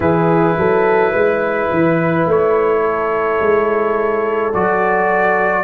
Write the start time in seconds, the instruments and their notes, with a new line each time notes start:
0.00 tuba E3, trombone E4, horn G#4, trumpet B4
0.57 tuba F#3, horn A4
1.10 tuba G#3, horn B4
1.71 tuba E3
2.26 tuba A3, trumpet C#5
2.81 horn A4
3.40 tuba G#3
4.53 tuba F#3, trombone F#4, trumpet D5